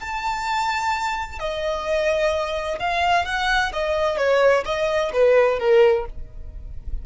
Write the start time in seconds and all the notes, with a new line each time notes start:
0.00 A5
1.39 D#5
2.79 F5
3.25 F#5
3.73 D#5
4.17 C#5
4.65 D#5
5.13 B4
5.59 A#4